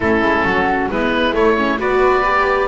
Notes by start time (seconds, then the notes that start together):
0.00 A3 C#4 E4 A4
0.21 G#3
0.44 F#3 F#4
0.90 G#3 B3 E4 B4
1.33 A3 C#5
1.57 C#4
1.78 B3 F#4 B4 D5
2.24 G4